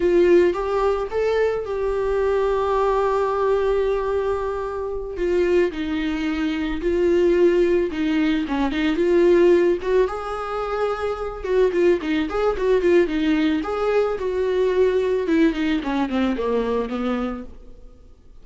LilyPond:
\new Staff \with { instrumentName = "viola" } { \time 4/4 \tempo 4 = 110 f'4 g'4 a'4 g'4~ | g'1~ | g'4. f'4 dis'4.~ | dis'8 f'2 dis'4 cis'8 |
dis'8 f'4. fis'8 gis'4.~ | gis'4 fis'8 f'8 dis'8 gis'8 fis'8 f'8 | dis'4 gis'4 fis'2 | e'8 dis'8 cis'8 c'8 ais4 b4 | }